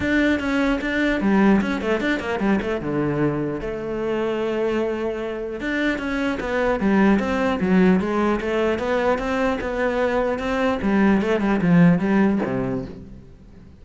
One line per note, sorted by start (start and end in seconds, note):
0.00 0.39 D4
0.39 0.79 C#4
0.81 1.20 D4
1.20 1.60 G3
1.61 1.81 C#4
1.81 2.00 A3
2.00 2.19 D4
2.19 2.39 A#3
2.39 2.59 G3
2.61 2.81 A3
2.81 3.60 D3
3.60 5.60 A3
5.60 5.98 D4
5.98 6.38 C#4
6.39 6.79 B3
6.80 7.19 G3
7.19 7.59 C4
7.60 8.00 F#3
8.00 8.40 G#3
8.40 8.78 A3
8.78 9.18 B3
9.18 9.58 C4
9.60 10.39 B3
10.39 10.79 C4
10.81 11.21 G3
11.21 11.40 A3
11.40 11.60 G3
11.61 11.98 F3
11.98 12.38 G3
12.45 12.85 C3